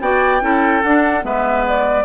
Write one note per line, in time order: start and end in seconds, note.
0.00 0.41 B3
0.00 0.41 F#4
0.00 0.42 D5
0.00 0.82 G5
0.41 0.82 C#4
0.41 0.82 E4
0.41 1.25 A4
0.82 1.24 D4
0.82 1.21 D4
0.82 1.23 F#5
1.21 2.04 G#3
1.21 2.04 B3
1.21 2.04 B4
1.21 1.66 E5
1.68 2.04 D5